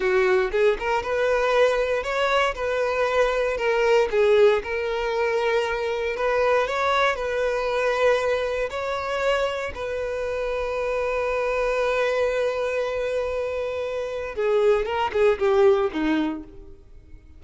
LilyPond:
\new Staff \with { instrumentName = "violin" } { \time 4/4 \tempo 4 = 117 fis'4 gis'8 ais'8 b'2 | cis''4 b'2 ais'4 | gis'4 ais'2. | b'4 cis''4 b'2~ |
b'4 cis''2 b'4~ | b'1~ | b'1 | gis'4 ais'8 gis'8 g'4 dis'4 | }